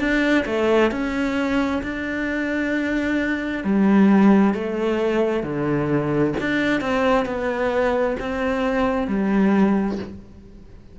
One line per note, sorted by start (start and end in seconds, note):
0.00 0.45 D4
0.46 0.92 A3
0.92 1.83 C#4
1.83 3.64 D4
3.64 4.55 G3
4.55 5.43 A3
5.43 6.34 D3
6.41 6.81 D4
6.81 7.26 C4
7.26 8.17 B3
8.20 9.08 C4
9.08 9.99 G3